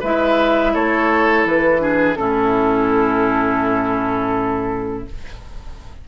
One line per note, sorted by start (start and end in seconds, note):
0.00 0.75 G#3
0.00 1.79 E4
0.00 0.72 B4
0.00 0.74 E5
0.74 1.45 A3
0.74 1.82 A4
0.74 1.46 C#5
1.45 2.17 E3
1.45 2.15 B4
1.79 2.15 D4
1.79 2.18 G#4
2.15 5.07 A2
2.15 5.06 C#4
2.15 5.08 E4
2.15 5.05 A4